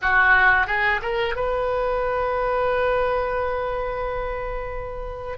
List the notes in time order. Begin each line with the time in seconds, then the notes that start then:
0.01 F#4
0.66 G#4
1.01 A#4
1.35 B4